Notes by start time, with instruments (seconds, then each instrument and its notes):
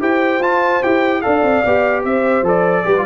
0.00 tuba E4, trombone G4, horn C5, trumpet G5
0.39 tuba F4, trombone F4, trumpet A5
0.83 tuba E4, trombone G4, trumpet G5
1.22 tuba D4, trombone A4, horn D5, trumpet F5
1.43 tuba C4
1.65 tuba B3, trombone G4
2.03 tuba C4, horn C5, trumpet E5
2.42 tuba F3, trombone A4, trumpet D5
2.85 tuba G3, trombone G4, horn B4
2.97 trombone F4